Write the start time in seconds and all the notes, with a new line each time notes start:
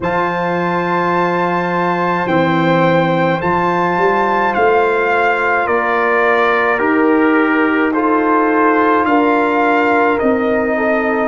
0.00 F3 F4 C5 A5
2.26 E3 C4 G5
3.40 F3 F4 A5
3.97 G3
4.54 A3 F5
5.66 A#3 A#4 D5
6.78 D#4 G4 A#4
7.93 F4 A4 C5
9.04 D4 A#4 F5
10.18 C4 D#4 D#5
10.77 A4